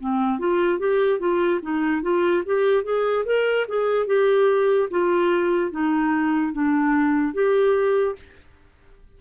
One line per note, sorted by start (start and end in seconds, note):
0.00 0.39 C4
0.39 0.79 F4
0.79 1.19 G4
1.19 1.60 F4
1.62 2.02 D#4
2.02 2.43 F4
2.46 2.84 G4
2.84 3.25 G#4
3.25 3.67 A#4
3.68 4.06 G#4
4.06 4.89 G4
4.91 5.71 F4
5.71 6.53 D#4
6.53 7.34 D4
7.34 8.16 G4